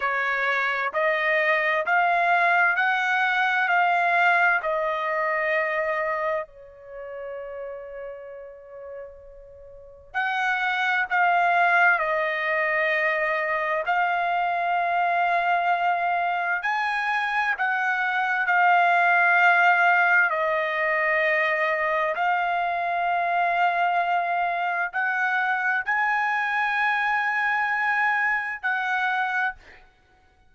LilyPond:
\new Staff \with { instrumentName = "trumpet" } { \time 4/4 \tempo 4 = 65 cis''4 dis''4 f''4 fis''4 | f''4 dis''2 cis''4~ | cis''2. fis''4 | f''4 dis''2 f''4~ |
f''2 gis''4 fis''4 | f''2 dis''2 | f''2. fis''4 | gis''2. fis''4 | }